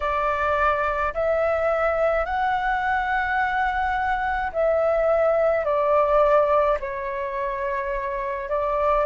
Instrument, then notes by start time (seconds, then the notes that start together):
flute
0.00 D5
1.13 E5
2.25 F#5
4.52 E5
5.64 D5
6.79 C#5
8.49 D5